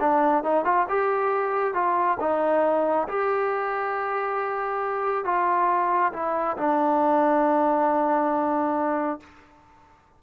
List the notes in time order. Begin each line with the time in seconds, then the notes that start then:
0.00 D4
0.44 D#4
0.65 F4
0.89 G4
1.74 F4
2.20 D#4
3.08 G4
5.25 F4
6.13 E4
6.57 D4